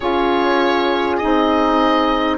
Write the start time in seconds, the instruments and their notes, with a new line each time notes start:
0.00 bassoon C#4, saxophone F4, horn G#4, oboe C#5
1.17 saxophone D#4, oboe D#5
1.24 bassoon C4